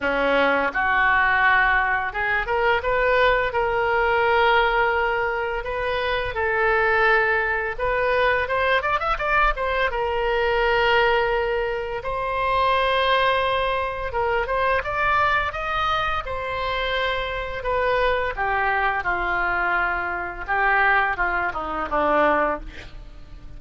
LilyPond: \new Staff \with { instrumentName = "oboe" } { \time 4/4 \tempo 4 = 85 cis'4 fis'2 gis'8 ais'8 | b'4 ais'2. | b'4 a'2 b'4 | c''8 d''16 e''16 d''8 c''8 ais'2~ |
ais'4 c''2. | ais'8 c''8 d''4 dis''4 c''4~ | c''4 b'4 g'4 f'4~ | f'4 g'4 f'8 dis'8 d'4 | }